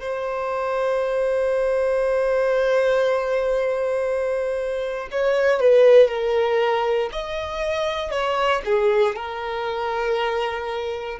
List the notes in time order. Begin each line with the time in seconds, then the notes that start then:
0.00 C5
5.11 C#5
5.60 B4
6.08 A#4
7.12 D#5
8.11 C#5
8.65 G#4
9.15 A#4